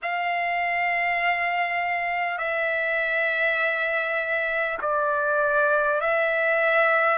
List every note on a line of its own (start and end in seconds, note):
0.02 2.38 F5
2.38 4.78 E5
4.81 6.00 D5
6.00 7.18 E5